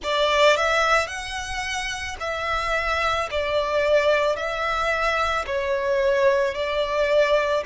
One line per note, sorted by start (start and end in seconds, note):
0.03 0.56 D5
0.56 1.07 E5
1.07 2.16 F#5
2.20 3.29 E5
3.30 4.36 D5
4.36 5.45 E5
5.46 6.54 C#5
6.54 7.63 D5